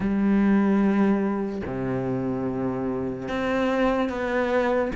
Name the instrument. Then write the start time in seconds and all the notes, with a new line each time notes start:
cello
0.00 G3
1.66 C3
3.28 C4
4.09 B3